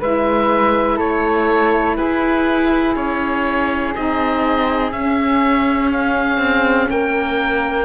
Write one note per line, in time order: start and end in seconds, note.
0.00 1.00 G#3
0.00 3.94 E4
0.00 0.97 B4
0.00 0.99 E5
0.97 1.98 A3
0.97 1.95 A4
0.97 1.97 C#5
1.97 2.96 E4
1.97 6.89 G#4
1.97 2.95 B4
2.96 3.94 C#4
2.96 3.94 C#5
3.95 4.91 C4
3.95 4.92 D#4
3.95 4.92 D#5
4.91 6.38 C#4
4.91 7.85 C#4
4.91 5.90 E5
5.92 6.90 F5
6.38 6.87 C4
6.90 7.85 A#3
6.90 7.85 A#4
6.90 7.85 G5